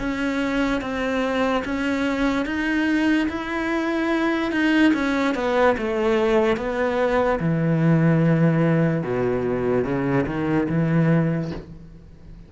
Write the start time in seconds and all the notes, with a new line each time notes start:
0.00 C#4
0.81 C4
1.66 C#4
2.46 D#4
3.29 E4
4.52 D#4
4.94 C#4
5.35 B3
5.78 A3
6.58 B3
7.40 E3
9.04 B2
9.85 C#3
10.27 D#3
10.69 E3